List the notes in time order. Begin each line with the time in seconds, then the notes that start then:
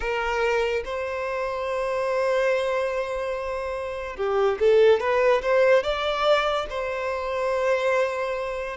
0.00 A#4
0.84 C5
4.16 G4
4.59 A4
5.00 B4
5.42 C5
5.83 D5
6.69 C5